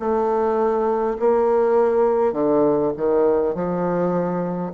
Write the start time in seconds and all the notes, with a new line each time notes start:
0.00 A3
1.20 A#3
2.33 D3
2.97 D#3
3.55 F3